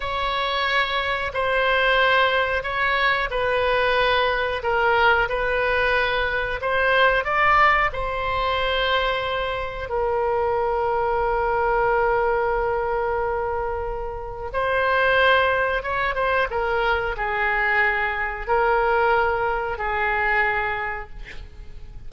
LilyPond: \new Staff \with { instrumentName = "oboe" } { \time 4/4 \tempo 4 = 91 cis''2 c''2 | cis''4 b'2 ais'4 | b'2 c''4 d''4 | c''2. ais'4~ |
ais'1~ | ais'2 c''2 | cis''8 c''8 ais'4 gis'2 | ais'2 gis'2 | }